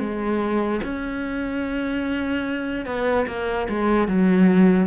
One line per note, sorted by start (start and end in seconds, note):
0.00 0.81 G#3
0.84 2.86 C#4
2.86 3.27 B3
3.28 3.68 A#3
3.69 4.08 G#3
4.08 4.87 F#3